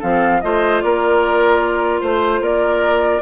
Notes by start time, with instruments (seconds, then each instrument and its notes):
0.00 bassoon F3, clarinet C4, oboe A4, flute F5
0.41 bassoon A3, clarinet F4, oboe C5, flute D#5
0.82 bassoon A#3, oboe A#4, flute D5
2.01 bassoon A3, oboe C5, flute C5
2.41 bassoon A#3, oboe A#4, flute D5